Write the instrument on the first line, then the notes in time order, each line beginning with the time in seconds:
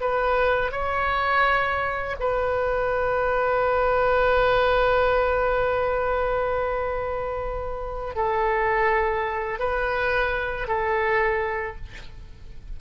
oboe
0.00 B4
0.71 C#5
2.19 B4
8.15 A4
9.59 B4
10.67 A4